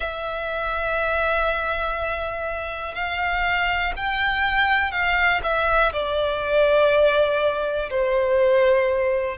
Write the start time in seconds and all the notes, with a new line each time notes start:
0.00 E5
2.94 F5
3.96 G5
4.91 F5
5.43 E5
5.92 D5
7.90 C5